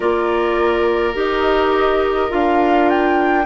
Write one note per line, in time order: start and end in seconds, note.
0.00 1.14 A#3
0.00 1.14 F4
0.00 3.45 A#4
0.00 1.15 D5
1.14 2.30 D#4
1.14 2.29 G4
1.14 2.31 D#5
2.29 3.45 D4
2.29 3.45 F4
2.29 2.89 F5
2.89 3.45 G5